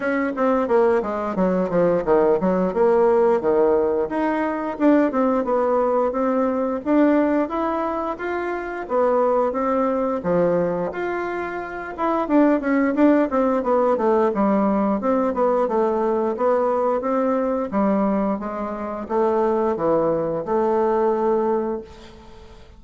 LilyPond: \new Staff \with { instrumentName = "bassoon" } { \time 4/4 \tempo 4 = 88 cis'8 c'8 ais8 gis8 fis8 f8 dis8 fis8 | ais4 dis4 dis'4 d'8 c'8 | b4 c'4 d'4 e'4 | f'4 b4 c'4 f4 |
f'4. e'8 d'8 cis'8 d'8 c'8 | b8 a8 g4 c'8 b8 a4 | b4 c'4 g4 gis4 | a4 e4 a2 | }